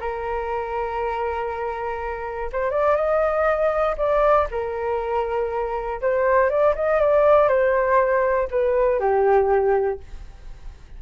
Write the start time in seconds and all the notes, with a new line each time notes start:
0.00 A#4
2.52 C5
2.71 D5
2.96 D#5
3.97 D5
4.51 A#4
6.01 C5
6.50 D5
6.75 D#5
7.00 D5
7.48 C5
8.50 B4
9.00 G4